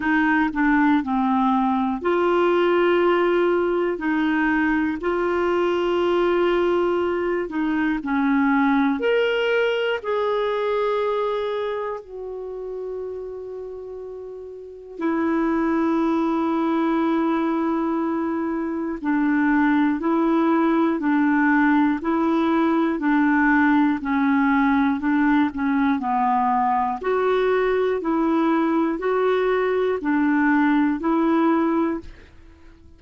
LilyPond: \new Staff \with { instrumentName = "clarinet" } { \time 4/4 \tempo 4 = 60 dis'8 d'8 c'4 f'2 | dis'4 f'2~ f'8 dis'8 | cis'4 ais'4 gis'2 | fis'2. e'4~ |
e'2. d'4 | e'4 d'4 e'4 d'4 | cis'4 d'8 cis'8 b4 fis'4 | e'4 fis'4 d'4 e'4 | }